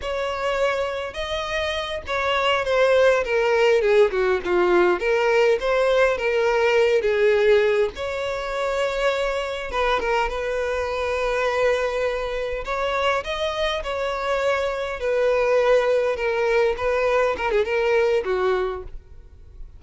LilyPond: \new Staff \with { instrumentName = "violin" } { \time 4/4 \tempo 4 = 102 cis''2 dis''4. cis''8~ | cis''8 c''4 ais'4 gis'8 fis'8 f'8~ | f'8 ais'4 c''4 ais'4. | gis'4. cis''2~ cis''8~ |
cis''8 b'8 ais'8 b'2~ b'8~ | b'4. cis''4 dis''4 cis''8~ | cis''4. b'2 ais'8~ | ais'8 b'4 ais'16 gis'16 ais'4 fis'4 | }